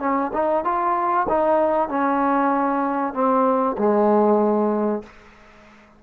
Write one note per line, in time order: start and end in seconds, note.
0.00 0.31 C#4
0.34 0.64 D#4
0.64 1.27 F4
1.29 1.89 D#4
1.89 3.14 C#4
3.14 3.76 C4
3.78 5.03 G#3